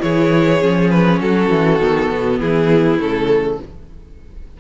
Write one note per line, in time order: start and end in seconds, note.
0.00 0.62 E3
0.00 0.59 E4
0.00 1.22 G#4
0.00 0.90 C#5
0.60 1.21 F3
0.60 1.79 C#4
0.90 1.20 B4
1.21 1.50 F#3
1.21 2.39 F#4
1.21 2.40 A4
1.50 1.79 E3
1.79 2.09 D#3
1.79 2.99 B3
2.11 2.40 B2
2.39 2.99 E3
2.39 3.58 E4
2.39 3.00 G#4
2.99 3.59 C#3
2.99 3.58 A3
2.99 3.61 A4